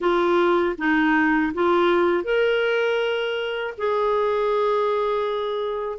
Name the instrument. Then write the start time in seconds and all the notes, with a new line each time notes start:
clarinet
0.00 F4
0.77 D#4
1.53 F4
2.24 A#4
3.77 G#4